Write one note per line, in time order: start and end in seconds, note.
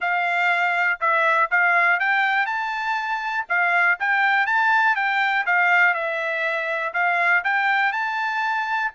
0.00 0.99 F5
1.00 1.50 E5
1.50 1.99 F5
1.99 2.45 G5
2.45 3.45 A5
3.48 3.98 F5
3.99 4.46 G5
4.46 4.95 A5
4.95 5.45 G5
5.45 5.93 F5
5.93 6.93 E5
6.93 7.43 F5
7.44 7.92 G5
7.92 8.91 A5